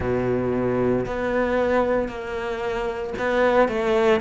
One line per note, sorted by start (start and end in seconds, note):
0.00 1.05 B2
1.06 2.08 B3
2.08 3.13 A#3
3.18 3.68 B3
3.68 4.20 A3